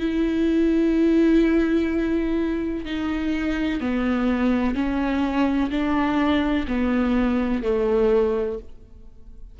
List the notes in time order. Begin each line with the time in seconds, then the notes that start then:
0.00 E4
2.86 D#4
3.81 B3
4.75 C#4
5.71 D4
6.68 B3
7.63 A3